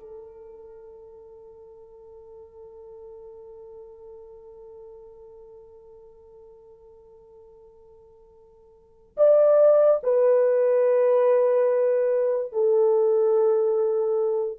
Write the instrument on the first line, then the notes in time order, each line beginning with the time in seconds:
horn
0.00 A4
9.17 D5
10.03 B4
12.52 A4